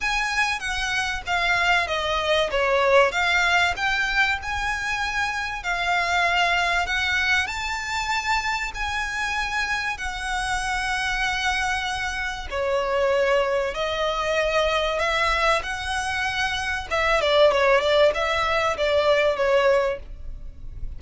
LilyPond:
\new Staff \with { instrumentName = "violin" } { \time 4/4 \tempo 4 = 96 gis''4 fis''4 f''4 dis''4 | cis''4 f''4 g''4 gis''4~ | gis''4 f''2 fis''4 | a''2 gis''2 |
fis''1 | cis''2 dis''2 | e''4 fis''2 e''8 d''8 | cis''8 d''8 e''4 d''4 cis''4 | }